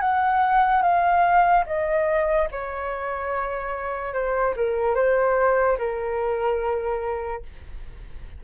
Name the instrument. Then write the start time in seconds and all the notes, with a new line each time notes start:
flute
0.00 F#5
0.82 F5
1.66 D#5
2.51 C#5
4.13 C5
4.56 A#4
4.95 C5
5.78 A#4